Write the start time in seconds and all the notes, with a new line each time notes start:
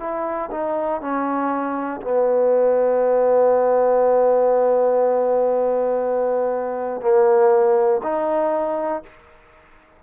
0.00 E4
0.51 D#4
1.01 C#4
2.01 B3
7.01 A#3
8.03 D#4